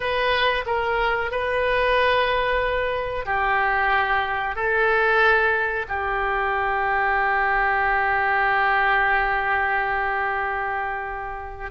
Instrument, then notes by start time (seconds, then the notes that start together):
oboe
0.00 B4
0.66 A#4
1.31 B4
3.25 G4
4.55 A4
5.88 G4